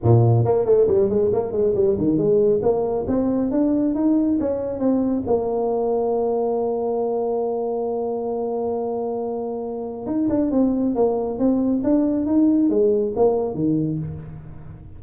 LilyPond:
\new Staff \with { instrumentName = "tuba" } { \time 4/4 \tempo 4 = 137 ais,4 ais8 a8 g8 gis8 ais8 gis8 | g8 dis8 gis4 ais4 c'4 | d'4 dis'4 cis'4 c'4 | ais1~ |
ais1~ | ais2. dis'8 d'8 | c'4 ais4 c'4 d'4 | dis'4 gis4 ais4 dis4 | }